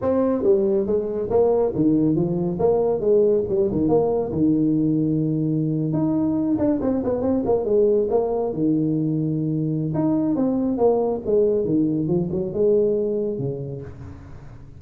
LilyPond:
\new Staff \with { instrumentName = "tuba" } { \time 4/4 \tempo 4 = 139 c'4 g4 gis4 ais4 | dis4 f4 ais4 gis4 | g8 dis8 ais4 dis2~ | dis4.~ dis16 dis'4. d'8 c'16~ |
c'16 b8 c'8 ais8 gis4 ais4 dis16~ | dis2. dis'4 | c'4 ais4 gis4 dis4 | f8 fis8 gis2 cis4 | }